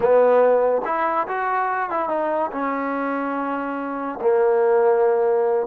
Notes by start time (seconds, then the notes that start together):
0.00 B3
0.85 E4
1.27 F#4
1.89 E4
2.08 D#4
2.51 C#4
4.21 A#3